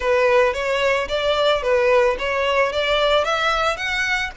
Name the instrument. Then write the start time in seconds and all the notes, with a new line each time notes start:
violin
0.00 B4
0.53 C#5
1.08 D5
1.62 B4
2.19 C#5
2.72 D5
3.24 E5
3.76 F#5